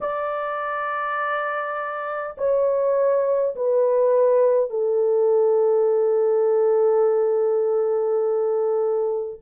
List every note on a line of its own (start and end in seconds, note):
0.00 2.35 D5
2.37 3.55 C#5
3.55 4.70 B4
4.70 9.40 A4